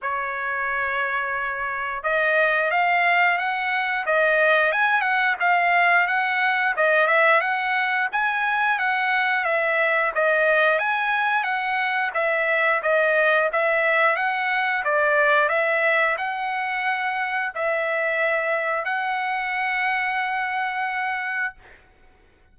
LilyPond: \new Staff \with { instrumentName = "trumpet" } { \time 4/4 \tempo 4 = 89 cis''2. dis''4 | f''4 fis''4 dis''4 gis''8 fis''8 | f''4 fis''4 dis''8 e''8 fis''4 | gis''4 fis''4 e''4 dis''4 |
gis''4 fis''4 e''4 dis''4 | e''4 fis''4 d''4 e''4 | fis''2 e''2 | fis''1 | }